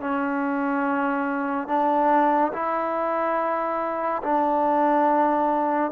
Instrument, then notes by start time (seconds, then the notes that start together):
trombone
0.00 C#4
1.67 D4
2.53 E4
4.23 D4